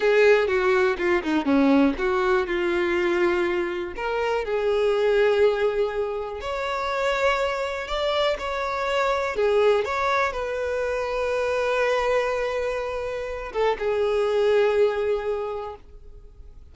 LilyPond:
\new Staff \with { instrumentName = "violin" } { \time 4/4 \tempo 4 = 122 gis'4 fis'4 f'8 dis'8 cis'4 | fis'4 f'2. | ais'4 gis'2.~ | gis'4 cis''2. |
d''4 cis''2 gis'4 | cis''4 b'2.~ | b'2.~ b'8 a'8 | gis'1 | }